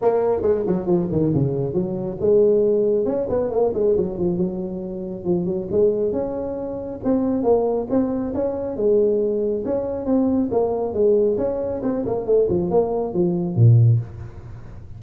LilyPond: \new Staff \with { instrumentName = "tuba" } { \time 4/4 \tempo 4 = 137 ais4 gis8 fis8 f8 dis8 cis4 | fis4 gis2 cis'8 b8 | ais8 gis8 fis8 f8 fis2 | f8 fis8 gis4 cis'2 |
c'4 ais4 c'4 cis'4 | gis2 cis'4 c'4 | ais4 gis4 cis'4 c'8 ais8 | a8 f8 ais4 f4 ais,4 | }